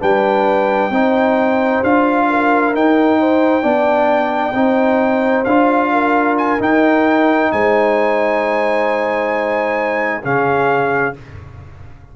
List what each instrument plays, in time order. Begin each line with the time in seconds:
0.00 tuba G3, trombone D4, horn B4, trumpet G5
0.90 tuba C4, trombone D#4, horn C5
1.83 tuba D4, trombone F4, trumpet F5
2.29 horn A#4
2.74 tuba D#4, trombone D#4, trumpet G5
3.20 horn C5
3.62 tuba B3, trombone D4, horn D5
4.54 tuba C4, trombone D#4, horn C5
5.45 tuba D4, trombone F4, trumpet F5
5.92 horn A#4
6.38 trumpet G#5
6.59 trombone D#4, tuba D#4, trumpet G5
7.52 tuba G#3, horn C5, trumpet G#5
10.23 tuba C#3, trombone C#4, horn G#4, trumpet F5